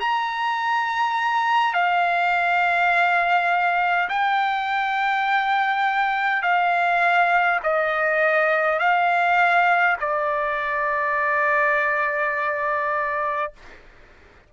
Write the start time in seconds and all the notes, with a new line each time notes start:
0.00 A#5
1.73 F5
4.09 G5
6.42 F5
7.63 D#5
8.79 F5
9.99 D5